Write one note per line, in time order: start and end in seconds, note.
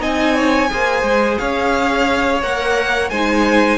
0.00 0.70 C4
0.00 0.69 D#4
0.00 0.36 D#5
0.00 1.39 G#5
0.36 0.70 C#5
0.70 1.03 A#3
0.70 2.43 G#4
0.70 1.40 C5
1.03 1.37 G#3
1.39 2.43 C#4
1.39 3.11 C#5
1.39 2.42 F5
2.43 3.11 A#3
2.43 3.12 A#4
2.43 3.10 F#5
3.10 3.78 G#3
3.10 3.78 D#4
3.10 3.78 C5
3.10 3.78 G#5